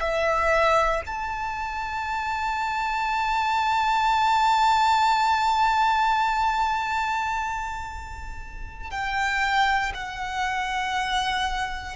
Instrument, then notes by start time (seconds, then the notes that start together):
violin
0.00 E5
1.06 A5
8.90 G5
9.94 F#5